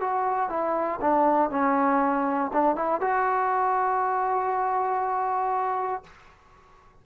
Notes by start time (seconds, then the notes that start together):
0.00 F#4
0.49 E4
1.01 D4
1.50 C#4
2.53 D4
2.75 E4
3.00 F#4